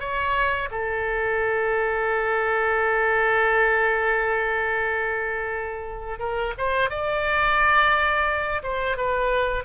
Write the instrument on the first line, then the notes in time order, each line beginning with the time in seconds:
oboe
0.00 C#5
0.71 A4
6.19 A#4
6.58 C5
6.90 D5
8.63 C5
8.97 B4